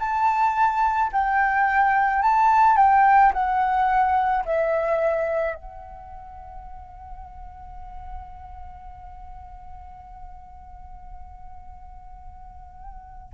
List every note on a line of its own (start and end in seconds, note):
0.00 1.11 A5
1.13 2.23 G5
2.23 2.77 A5
2.77 3.33 G5
3.33 4.44 F#5
4.45 5.56 E5
5.56 13.33 F#5